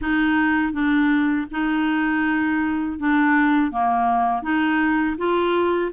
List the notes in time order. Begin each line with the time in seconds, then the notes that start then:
0.01 D#4
0.72 D4
1.51 D#4
2.99 D4
3.71 A#3
4.42 D#4
5.17 F4